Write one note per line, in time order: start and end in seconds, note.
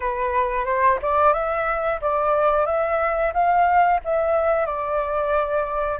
0.00 0.65 B4
0.65 0.98 C5
1.02 1.33 D5
1.33 1.99 E5
2.01 2.66 D5
2.66 3.32 E5
3.33 4.00 F5
4.04 4.65 E5
4.65 5.99 D5